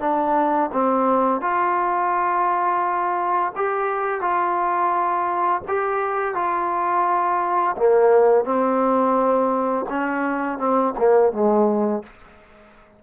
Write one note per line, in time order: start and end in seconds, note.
0.00 0.71 D4
0.73 1.41 C4
1.41 3.53 F4
3.56 4.21 G4
4.21 5.62 F4
5.68 6.35 G4
6.35 7.76 F4
7.77 8.45 A#3
8.45 9.86 C4
9.90 10.59 C#4
10.59 10.94 C4
10.98 11.33 A#3
11.33 12.03 G#3